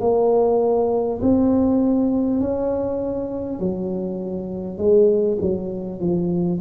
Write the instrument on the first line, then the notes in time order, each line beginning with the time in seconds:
tuba
0.00 A#3
1.22 C4
2.41 C#4
3.59 F#3
4.78 G#3
5.42 F#3
6.01 F3